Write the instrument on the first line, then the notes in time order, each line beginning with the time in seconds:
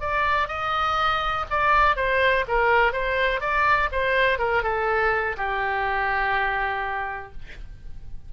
oboe
0.00 D5
0.48 D#5
1.50 D5
1.96 C5
2.48 A#4
2.93 C5
3.41 D5
3.92 C5
4.39 A#4
4.63 A4
5.37 G4